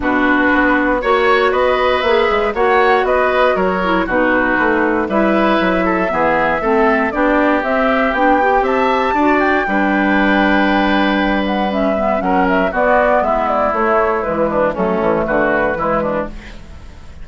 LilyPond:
<<
  \new Staff \with { instrumentName = "flute" } { \time 4/4 \tempo 4 = 118 b'2 cis''4 dis''4 | e''4 fis''4 dis''4 cis''4 | b'2 e''2~ | e''2 d''4 e''4 |
g''4 a''4. g''4.~ | g''2~ g''8 fis''8 e''4 | fis''8 e''8 d''4 e''8 d''8 cis''4 | b'4 a'4 b'2 | }
  \new Staff \with { instrumentName = "oboe" } { \time 4/4 fis'2 cis''4 b'4~ | b'4 cis''4 b'4 ais'4 | fis'2 b'4. a'8 | gis'4 a'4 g'2~ |
g'4 e''4 d''4 b'4~ | b'1 | ais'4 fis'4 e'2~ | e'8 d'8 cis'4 fis'4 e'8 d'8 | }
  \new Staff \with { instrumentName = "clarinet" } { \time 4/4 d'2 fis'2 | gis'4 fis'2~ fis'8 e'8 | dis'2 e'2 | b4 c'4 d'4 c'4 |
d'8 g'4. fis'4 d'4~ | d'2. cis'8 b8 | cis'4 b2 a4 | gis4 a2 gis4 | }
  \new Staff \with { instrumentName = "bassoon" } { \time 4/4 b,4 b4 ais4 b4 | ais8 gis8 ais4 b4 fis4 | b,4 a4 g4 fis4 | e4 a4 b4 c'4 |
b4 c'4 d'4 g4~ | g1 | fis4 b4 gis4 a4 | e4 fis8 e8 d4 e4 | }
>>